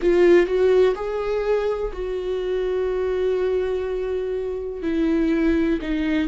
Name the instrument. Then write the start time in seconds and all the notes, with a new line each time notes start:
viola
0.01 F4
0.46 F#4
0.95 G#4
1.92 F#4
4.82 E4
5.81 D#4